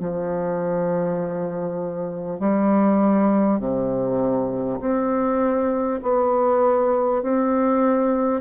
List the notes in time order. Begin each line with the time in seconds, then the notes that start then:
0.00 F3
2.39 G3
3.60 C3
4.81 C4
6.03 B3
7.23 C4